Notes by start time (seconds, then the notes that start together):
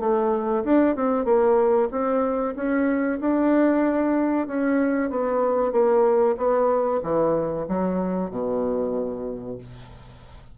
0.00 A3
0.64 D4
0.96 C4
1.25 A#3
1.91 C4
2.56 C#4
3.21 D4
4.47 C#4
5.10 B3
5.72 A#3
6.37 B3
7.03 E3
7.68 F#3
8.31 B2